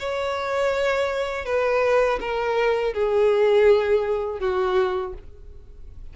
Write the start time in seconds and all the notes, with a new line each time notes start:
0.00 C#5
1.45 B4
2.21 A#4
2.94 G#4
4.40 F#4